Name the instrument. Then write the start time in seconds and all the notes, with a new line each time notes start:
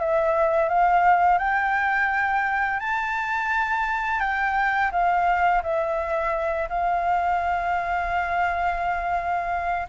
flute
0.00 E5
0.69 F5
1.38 G5
2.79 A5
4.20 G5
4.92 F5
5.62 E5
6.69 F5